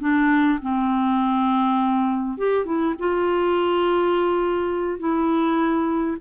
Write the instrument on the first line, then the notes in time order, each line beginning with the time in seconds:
clarinet
0.00 D4
0.62 C4
2.38 G4
2.65 E4
2.99 F4
4.99 E4